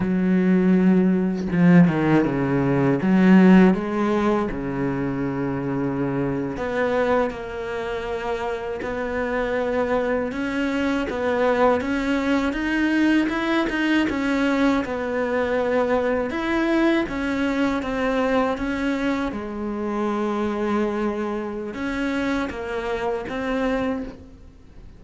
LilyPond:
\new Staff \with { instrumentName = "cello" } { \time 4/4 \tempo 4 = 80 fis2 f8 dis8 cis4 | fis4 gis4 cis2~ | cis8. b4 ais2 b16~ | b4.~ b16 cis'4 b4 cis'16~ |
cis'8. dis'4 e'8 dis'8 cis'4 b16~ | b4.~ b16 e'4 cis'4 c'16~ | c'8. cis'4 gis2~ gis16~ | gis4 cis'4 ais4 c'4 | }